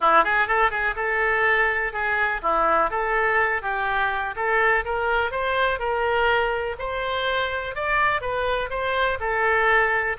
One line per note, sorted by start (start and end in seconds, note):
0.00 0.24 E4
0.24 0.47 G#4
0.47 0.70 A4
0.70 0.95 G#4
0.96 1.92 A4
1.92 2.41 G#4
2.42 2.90 E4
2.90 3.62 A4
3.62 4.34 G4
4.36 4.84 A4
4.85 5.31 A#4
5.31 5.79 C5
5.79 6.76 A#4
6.79 7.75 C5
7.75 8.21 D5
8.21 8.69 B4
8.70 9.18 C5
9.20 10.17 A4